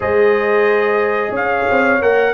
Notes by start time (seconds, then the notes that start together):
0.00 G#3 G#4 C5 D#5
1.30 C#4 C#5 F5
1.70 C4
2.01 A#3 A#4 F#5